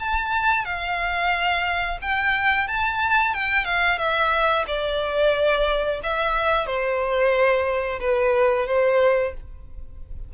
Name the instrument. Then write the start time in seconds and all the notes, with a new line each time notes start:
violin
0.00 A5
0.65 F5
2.02 G5
2.68 A5
3.34 G5
3.65 F5
3.98 E5
4.67 D5
6.04 E5
6.67 C5
8.00 B4
8.67 C5